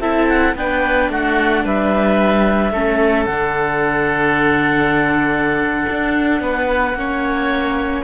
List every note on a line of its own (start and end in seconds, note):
0.00 0.55 C4
0.00 0.56 E4
0.00 0.55 A4
0.00 0.28 E5
0.28 0.55 F#5
0.55 1.10 B3
0.55 2.74 D4
0.55 1.11 B4
0.55 1.11 G5
1.10 1.64 A3
1.10 1.64 F#4
1.10 1.66 F#5
1.64 2.71 G3
1.64 2.73 B4
1.64 3.26 E5
2.71 3.26 A3
2.71 3.29 C#4
2.71 6.41 A4
3.26 5.86 D3
3.26 6.97 D4
3.26 8.03 F#5
5.89 6.40 D4
6.40 6.94 B3
6.40 6.97 B4
6.94 8.03 A#3
6.94 8.04 C#4
6.94 8.04 C#5